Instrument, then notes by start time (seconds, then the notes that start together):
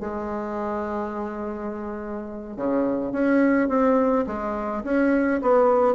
bassoon
0.00 G#3
2.57 C#3
3.12 C#4
3.69 C4
4.27 G#3
4.84 C#4
5.42 B3